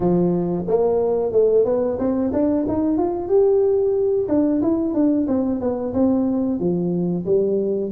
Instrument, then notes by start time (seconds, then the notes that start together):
tuba
0.00 F3
0.67 A#3
1.32 A3
1.65 B3
1.98 C4
2.33 D4
2.68 D#4
2.97 F4
3.28 G4
4.28 D4
4.62 E4
4.93 D4
5.27 C4
5.60 B3
5.93 C4
6.59 F3
7.25 G3